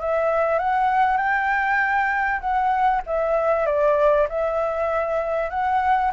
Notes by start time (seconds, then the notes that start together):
0.00 E5
0.59 F#5
1.17 G5
2.40 F#5
3.07 E5
3.66 D5
4.29 E5
5.50 F#5